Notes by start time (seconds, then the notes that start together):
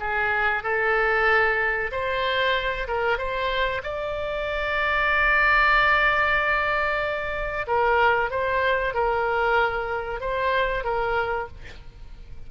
0.00 G#4
0.63 A4
1.91 C5
2.88 A#4
3.18 C5
3.83 D5
7.67 A#4
8.30 C5
8.94 A#4
10.20 C5
10.84 A#4